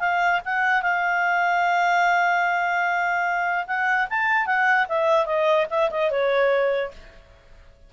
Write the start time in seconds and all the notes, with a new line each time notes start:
0.00 F5
0.45 F#5
0.82 F5
3.67 F#5
4.10 A5
4.46 F#5
4.89 E5
5.26 D#5
5.70 E5
5.91 D#5
6.11 C#5